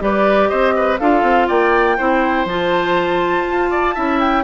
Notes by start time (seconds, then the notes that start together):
0.00 G3 G4 B4 D5
0.49 C4 C5 D#5
0.77 B4
1.00 D4 F4 A4 F5
1.23 C4
1.48 A#3 D5 G5
1.98 C4 E4 C5
2.45 F3 F4 A5
3.49 F4
3.71 D5
3.95 C#4 E4 E5
4.20 G5